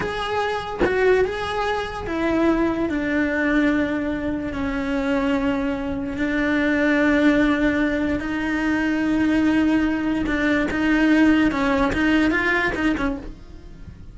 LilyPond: \new Staff \with { instrumentName = "cello" } { \time 4/4 \tempo 4 = 146 gis'2 fis'4 gis'4~ | gis'4 e'2 d'4~ | d'2. cis'4~ | cis'2. d'4~ |
d'1 | dis'1~ | dis'4 d'4 dis'2 | cis'4 dis'4 f'4 dis'8 cis'8 | }